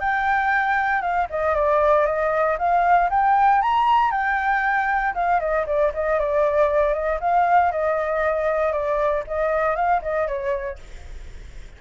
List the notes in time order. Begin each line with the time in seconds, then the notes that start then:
0.00 G5
1.02 F5
1.30 D#5
1.55 D5
2.06 D#5
2.58 F5
3.10 G5
3.61 A#5
4.11 G5
5.14 F5
5.40 D#5
5.66 D5
5.94 D#5
6.19 D5
6.93 D#5
7.20 F5
7.71 D#5
8.72 D5
9.27 D#5
9.75 F5
10.02 D#5
10.27 C#5